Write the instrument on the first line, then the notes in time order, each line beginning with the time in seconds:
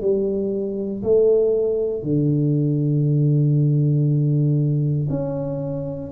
tuba
0.00 G3
1.02 A3
2.02 D3
5.09 C#4